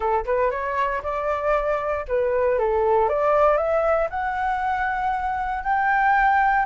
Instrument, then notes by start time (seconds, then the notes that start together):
flute
0.00 A4
0.25 B4
0.50 C#5
1.02 D5
2.07 B4
2.58 A4
3.08 D5
3.57 E5
4.10 F#5
5.63 G5